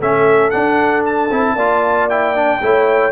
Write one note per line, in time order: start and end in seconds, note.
0.00 0.52 A3
0.00 0.51 C#4
0.00 1.55 A4
0.00 0.50 E5
0.50 1.30 D4
0.50 1.02 F#5
1.05 2.09 A5
1.30 1.55 C4
1.30 1.57 E4
1.55 2.60 A#3
1.55 2.10 F4
1.55 2.59 D5
2.09 2.35 E4
2.09 3.11 G5
2.35 2.61 D4
2.61 3.11 A3
2.61 3.11 E4
2.61 3.11 C#5